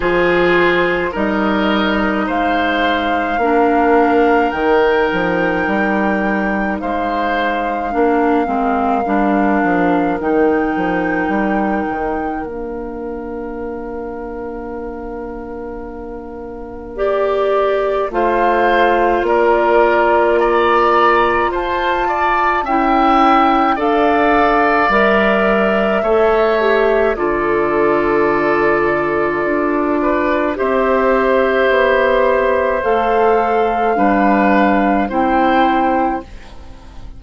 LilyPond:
<<
  \new Staff \with { instrumentName = "flute" } { \time 4/4 \tempo 4 = 53 c''4 dis''4 f''2 | g''2 f''2~ | f''4 g''2 f''4~ | f''2. d''4 |
f''4 d''4 ais''4 a''4 | g''4 f''4 e''2 | d''2. e''4~ | e''4 f''2 g''4 | }
  \new Staff \with { instrumentName = "oboe" } { \time 4/4 gis'4 ais'4 c''4 ais'4~ | ais'2 c''4 ais'4~ | ais'1~ | ais'1 |
c''4 ais'4 d''4 c''8 d''8 | e''4 d''2 cis''4 | a'2~ a'8 b'8 c''4~ | c''2 b'4 c''4 | }
  \new Staff \with { instrumentName = "clarinet" } { \time 4/4 f'4 dis'2 d'4 | dis'2. d'8 c'8 | d'4 dis'2 d'4~ | d'2. g'4 |
f'1 | e'4 a'4 ais'4 a'8 g'8 | f'2. g'4~ | g'4 a'4 d'4 e'4 | }
  \new Staff \with { instrumentName = "bassoon" } { \time 4/4 f4 g4 gis4 ais4 | dis8 f8 g4 gis4 ais8 gis8 | g8 f8 dis8 f8 g8 dis8 ais4~ | ais1 |
a4 ais2 f'4 | cis'4 d'4 g4 a4 | d2 d'4 c'4 | b4 a4 g4 c'4 | }
>>